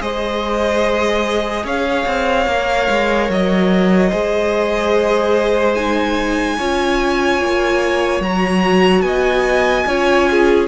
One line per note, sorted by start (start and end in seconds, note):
0.00 1.64 G#3
0.00 2.47 G#4
0.00 1.65 C5
0.00 1.66 D#5
1.64 2.05 C#4
1.64 4.10 C#5
1.64 3.31 F5
2.06 2.47 C4
2.47 2.88 A#3
2.47 4.12 A#4
2.90 3.29 G#3
3.29 4.11 F#3
3.29 5.74 D#5
4.10 6.59 G#3
4.10 5.76 G#4
4.10 6.56 C5
5.74 6.58 D#4
5.74 8.21 G#5
6.57 7.41 C#4
6.57 8.23 F4
6.57 9.04 C#5
7.41 8.20 A#3
8.20 9.02 F#3
8.20 9.87 F#4
8.20 9.02 A#5
9.02 9.84 B3
9.02 9.88 D#5
9.02 10.66 G#5
9.86 10.68 C#4
9.86 10.68 F4
9.86 10.29 C#5
10.30 10.68 G#4